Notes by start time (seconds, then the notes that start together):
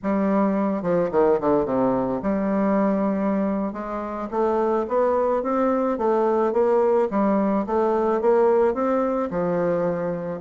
0.02 G3
0.82 F3
1.11 D#3
1.40 D3
1.65 C3
2.22 G3
3.72 G#3
4.30 A3
4.88 B3
5.43 C4
5.97 A3
6.53 A#3
7.10 G3
7.66 A3
8.21 A#3
8.73 C4
9.30 F3